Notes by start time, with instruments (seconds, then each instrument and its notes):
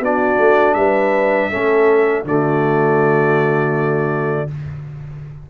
0.00 tuba B3, trombone D4, horn F#4, trumpet D5
0.39 tuba A3
0.74 tuba G3, horn B4, trumpet E5
1.50 tuba A3, trombone C#4, horn A4
2.25 tuba D3, trombone A3, horn F#4, trumpet D5